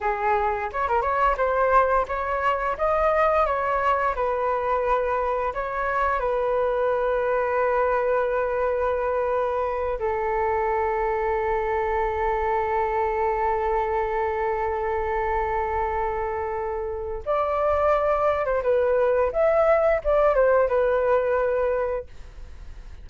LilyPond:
\new Staff \with { instrumentName = "flute" } { \time 4/4 \tempo 4 = 87 gis'4 cis''16 ais'16 cis''8 c''4 cis''4 | dis''4 cis''4 b'2 | cis''4 b'2.~ | b'2~ b'8 a'4.~ |
a'1~ | a'1~ | a'4 d''4.~ d''16 c''16 b'4 | e''4 d''8 c''8 b'2 | }